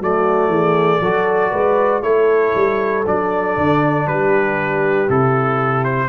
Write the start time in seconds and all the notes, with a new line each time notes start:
0.00 F#3 A3 F#4 D5
0.47 E3 G#4
1.00 F#3 F#4 A4
1.51 G#3 B4
2.02 A3 E4 A4 C#5
2.55 G3
3.06 F#3 D4 D5
3.57 D3
4.06 G3 G4 B4
5.08 C3 E4 A4
5.84 C5